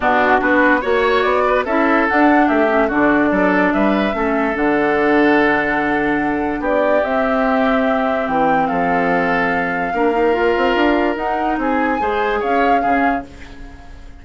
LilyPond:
<<
  \new Staff \with { instrumentName = "flute" } { \time 4/4 \tempo 4 = 145 fis'4 b'4 cis''4 d''4 | e''4 fis''4 e''4 d''4~ | d''4 e''2 fis''4~ | fis''1 |
d''4 e''2. | g''4 f''2.~ | f''2. fis''4 | gis''2 f''2 | }
  \new Staff \with { instrumentName = "oboe" } { \time 4/4 d'4 fis'4 cis''4. b'8 | a'2 g'4 fis'4 | a'4 b'4 a'2~ | a'1 |
g'1~ | g'4 a'2. | ais'1 | gis'4 c''4 cis''4 gis'4 | }
  \new Staff \with { instrumentName = "clarinet" } { \time 4/4 b4 d'4 fis'2 | e'4 d'4. cis'8 d'4~ | d'2 cis'4 d'4~ | d'1~ |
d'4 c'2.~ | c'1 | d'8 dis'8 f'2 dis'4~ | dis'4 gis'2 cis'4 | }
  \new Staff \with { instrumentName = "bassoon" } { \time 4/4 b,4 b4 ais4 b4 | cis'4 d'4 a4 d4 | fis4 g4 a4 d4~ | d1 |
b4 c'2. | e4 f2. | ais4. c'8 d'4 dis'4 | c'4 gis4 cis'4 cis4 | }
>>